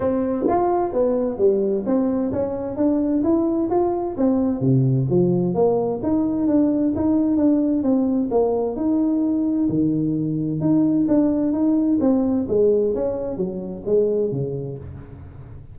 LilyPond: \new Staff \with { instrumentName = "tuba" } { \time 4/4 \tempo 4 = 130 c'4 f'4 b4 g4 | c'4 cis'4 d'4 e'4 | f'4 c'4 c4 f4 | ais4 dis'4 d'4 dis'4 |
d'4 c'4 ais4 dis'4~ | dis'4 dis2 dis'4 | d'4 dis'4 c'4 gis4 | cis'4 fis4 gis4 cis4 | }